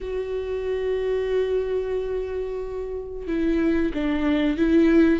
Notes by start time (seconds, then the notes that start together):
0.01 F#4
3.27 E4
3.94 D4
4.57 E4